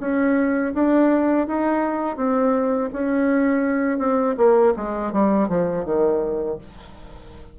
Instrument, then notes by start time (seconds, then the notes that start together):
bassoon
0.00 C#4
0.74 D4
1.47 D#4
2.17 C4
2.93 C#4
3.98 C4
4.37 A#3
4.76 G#3
5.12 G3
5.48 F3
5.85 D#3